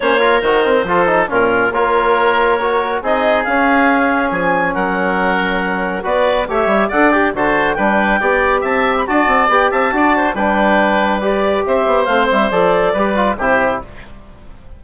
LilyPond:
<<
  \new Staff \with { instrumentName = "clarinet" } { \time 4/4 \tempo 4 = 139 cis''4 c''2 ais'4 | cis''2. dis''4 | f''2 gis''4 fis''4~ | fis''2 d''4 e''4 |
fis''8 g''8 a''4 g''2 | a''8. b''16 a''4 g''8 a''4. | g''2 d''4 e''4 | f''8 e''8 d''2 c''4 | }
  \new Staff \with { instrumentName = "oboe" } { \time 4/4 c''8 ais'4. a'4 f'4 | ais'2. gis'4~ | gis'2. ais'4~ | ais'2 b'4 cis''4 |
d''4 c''4 b'4 d''4 | e''4 d''4. e''8 d''8 c''8 | b'2. c''4~ | c''2 b'4 g'4 | }
  \new Staff \with { instrumentName = "trombone" } { \time 4/4 cis'8 f'8 fis'8 c'8 f'8 dis'8 cis'4 | f'2 fis'4 dis'4 | cis'1~ | cis'2 fis'4 g'4 |
a'8 g'8 fis'4 d'4 g'4~ | g'4 fis'4 g'4 fis'4 | d'2 g'2 | c'4 a'4 g'8 f'8 e'4 | }
  \new Staff \with { instrumentName = "bassoon" } { \time 4/4 ais4 dis4 f4 ais,4 | ais2. c'4 | cis'2 f4 fis4~ | fis2 b4 a8 g8 |
d'4 d4 g4 b4 | c'4 d'8 c'8 b8 c'8 d'4 | g2. c'8 b8 | a8 g8 f4 g4 c4 | }
>>